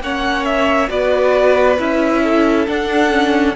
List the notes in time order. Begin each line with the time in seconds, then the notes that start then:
0.00 A#3 C#4 C#5 F#5
0.44 E5
0.87 B3 F#4 B4 D5
1.78 C#4 E4 E5
2.23 A4
2.67 D4 F#5
3.10 C#4